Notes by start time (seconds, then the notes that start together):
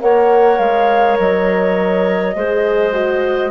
0.00 A#3 A#4 C#5 F#5
0.58 G#3 F5
1.18 F#3 D#5
2.35 G#3 G#4 C5
2.92 F#4